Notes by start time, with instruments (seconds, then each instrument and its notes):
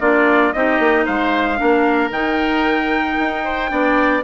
0.00 bassoon A#3, clarinet D4, oboe F4, trumpet D5
0.53 bassoon C4, clarinet D#4, oboe G4, trumpet D#5
0.79 bassoon A#3
1.05 bassoon G#3, oboe C5, trumpet F5
1.57 bassoon A#3, clarinet D4, oboe A#4
2.10 bassoon D#3, clarinet D#4, trumpet G5
3.19 bassoon D#4
3.44 oboe C5
3.69 bassoon B3, clarinet D4, oboe D5